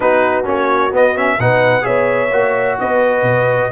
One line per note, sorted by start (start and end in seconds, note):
0.00 0.47 B3
0.00 0.44 D#4
0.00 1.37 F#4
0.00 0.45 B4
0.44 0.91 A#3
0.44 0.90 C#4
0.44 0.94 C#5
0.91 1.38 B3
0.91 1.15 B3
0.91 1.17 D#5
1.15 1.38 C#4
1.15 1.40 E5
1.38 1.85 B2
1.38 1.81 D#4
1.38 1.84 B4
1.38 1.85 F#5
1.81 2.31 B3
1.81 2.28 G#4
1.81 2.77 C#5
1.81 2.78 E5
2.31 2.77 A#3
2.31 3.72 F#4
2.79 3.22 B3
2.79 3.72 B4
2.79 3.72 D#5
3.22 3.69 B2